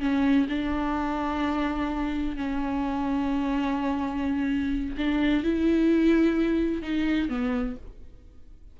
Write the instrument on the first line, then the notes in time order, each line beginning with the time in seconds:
viola
0.00 C#4
0.49 D4
2.36 C#4
4.97 D4
5.44 E4
6.82 D#4
7.29 B3